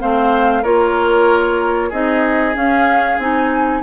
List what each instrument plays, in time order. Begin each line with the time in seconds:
0.00 bassoon A3, clarinet C4, oboe C5, flute F5
0.63 bassoon A#3, clarinet F4, oboe A#4, flute C#5
1.89 bassoon C4, clarinet D#4, oboe G#4, flute D#5
2.55 clarinet C#4, bassoon C#4, flute F5
3.19 bassoon C4, clarinet D#4, flute G#5